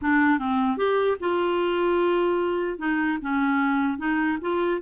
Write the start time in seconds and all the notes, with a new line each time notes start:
0.01 D4
0.39 C4
0.77 G4
1.20 F4
2.78 D#4
3.21 C#4
3.98 D#4
4.41 F4